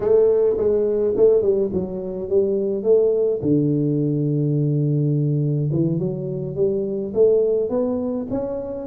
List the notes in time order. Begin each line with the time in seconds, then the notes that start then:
0.00 A3
0.57 G#3
1.16 A3
1.41 G3
1.72 F#3
2.29 G3
2.83 A3
3.41 D3
5.71 E3
5.98 F#3
6.55 G3
7.14 A3
7.69 B3
8.30 C#4